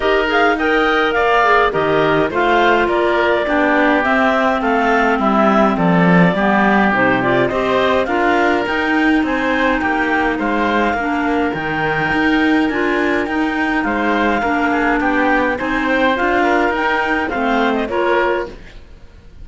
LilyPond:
<<
  \new Staff \with { instrumentName = "clarinet" } { \time 4/4 \tempo 4 = 104 dis''8 f''8 g''4 f''4 dis''4 | f''4 d''2 e''4 | f''4 e''4 d''2 | c''8 d''8 dis''4 f''4 g''4 |
gis''4 g''4 f''2 | g''2 gis''4 g''4 | f''2 g''4 gis''8 g''8 | f''4 g''4 f''8. dis''16 cis''4 | }
  \new Staff \with { instrumentName = "oboe" } { \time 4/4 ais'4 dis''4 d''4 ais'4 | c''4 ais'4 g'2 | a'4 e'4 a'4 g'4~ | g'4 c''4 ais'2 |
c''4 g'4 c''4 ais'4~ | ais'1 | c''4 ais'8 gis'8 g'4 c''4~ | c''8 ais'4. c''4 ais'4 | }
  \new Staff \with { instrumentName = "clarinet" } { \time 4/4 g'8 gis'8 ais'4. gis'8 g'4 | f'2 d'4 c'4~ | c'2. b4 | dis'8 f'8 g'4 f'4 dis'4~ |
dis'2. d'4 | dis'2 f'4 dis'4~ | dis'4 d'2 dis'4 | f'4 dis'4 c'4 f'4 | }
  \new Staff \with { instrumentName = "cello" } { \time 4/4 dis'2 ais4 dis4 | a4 ais4 b4 c'4 | a4 g4 f4 g4 | c4 c'4 d'4 dis'4 |
c'4 ais4 gis4 ais4 | dis4 dis'4 d'4 dis'4 | gis4 ais4 b4 c'4 | d'4 dis'4 a4 ais4 | }
>>